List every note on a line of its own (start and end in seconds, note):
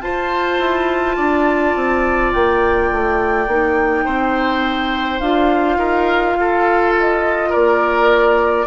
0.00 0.58 F4
0.00 3.47 F4
0.00 1.16 C5
0.00 2.31 A5
0.58 1.16 E4
1.16 1.75 D4
1.16 4.04 D5
1.75 2.33 C4
2.32 2.91 A#3
2.32 5.19 G5
2.91 3.47 A3
3.47 4.04 A#3
3.47 5.21 D#4
4.05 5.19 C4
4.05 5.78 C5
5.19 5.77 D4
5.19 8.66 F4
5.19 6.93 F5
5.77 6.35 D#4
5.77 6.36 A#4
6.36 7.51 F4
6.36 7.49 A4
6.99 7.52 D#5
7.49 8.66 A#3
7.49 8.65 A#4
7.49 8.66 D5